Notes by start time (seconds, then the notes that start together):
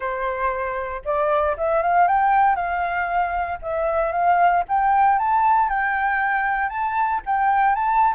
0.00 C5
1.04 D5
1.57 E5
1.82 F5
2.07 G5
2.55 F5
3.62 E5
4.11 F5
4.68 G5
5.18 A5
5.69 G5
6.69 A5
7.26 G5
7.75 A5